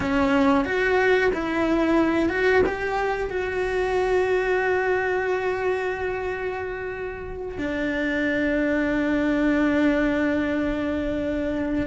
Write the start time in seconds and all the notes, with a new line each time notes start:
0.00 C#4
0.64 F#4
1.33 E4
2.29 F#4
2.66 G4
3.30 F#4
7.58 D4